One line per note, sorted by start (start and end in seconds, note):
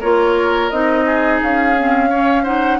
0.00 0.72 A#3
0.00 0.72 F4
0.00 1.05 A#4
0.00 0.70 C#5
0.70 1.41 C4
0.70 1.77 D#4
0.70 1.40 D#5
1.06 2.10 G#4
1.42 2.80 C#4
1.42 2.45 F5
1.77 2.11 C4
2.10 2.45 C#4
2.10 2.43 C#5
2.43 2.80 D#4
2.43 2.78 C5
2.43 2.80 F#5